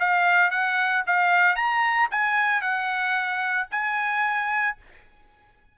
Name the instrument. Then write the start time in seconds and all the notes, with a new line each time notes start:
trumpet
0.00 F5
0.51 F#5
1.07 F5
1.56 A#5
2.11 G#5
2.62 F#5
3.71 G#5